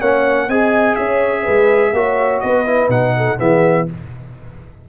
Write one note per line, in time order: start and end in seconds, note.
0.00 0.48 A#3
0.00 0.50 C#4
0.00 0.48 C#5
0.00 0.50 F#5
0.48 0.97 C4
0.48 1.95 G#4
0.48 0.98 D#5
0.48 0.96 G#5
0.96 1.48 C#4
0.96 1.43 C#5
0.96 2.41 E5
1.43 1.93 G#3
1.43 1.92 B4
1.93 2.41 A#3
1.93 2.67 F#4
1.93 2.44 C#5
2.41 2.89 B3
2.41 3.17 B4
2.41 2.89 D#5
2.67 2.91 E4
2.89 3.37 B2
2.89 3.38 D#4
2.89 3.39 F#5
3.18 3.40 A4
3.38 3.89 E3
3.38 3.87 B3
3.38 3.88 G#4
3.38 3.89 E5